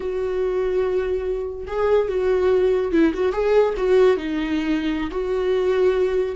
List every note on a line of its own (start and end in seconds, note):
0.00 1.66 F#4
1.67 2.08 G#4
2.08 2.91 F#4
2.91 3.12 E4
3.13 3.32 F#4
3.32 3.74 G#4
3.77 4.16 F#4
4.16 5.10 D#4
5.10 6.35 F#4